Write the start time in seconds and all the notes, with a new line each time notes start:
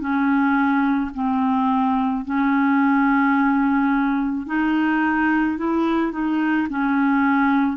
0.00 C#4
1.14 C4
2.25 C#4
4.46 D#4
5.58 E4
6.12 D#4
6.70 C#4